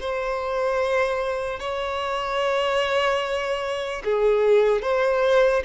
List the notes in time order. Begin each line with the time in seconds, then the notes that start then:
0.00 C5
1.60 C#5
4.05 G#4
4.82 C5